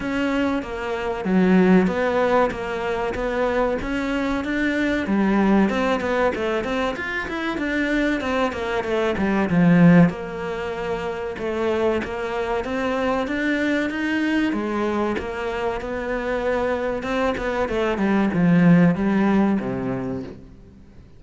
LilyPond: \new Staff \with { instrumentName = "cello" } { \time 4/4 \tempo 4 = 95 cis'4 ais4 fis4 b4 | ais4 b4 cis'4 d'4 | g4 c'8 b8 a8 c'8 f'8 e'8 | d'4 c'8 ais8 a8 g8 f4 |
ais2 a4 ais4 | c'4 d'4 dis'4 gis4 | ais4 b2 c'8 b8 | a8 g8 f4 g4 c4 | }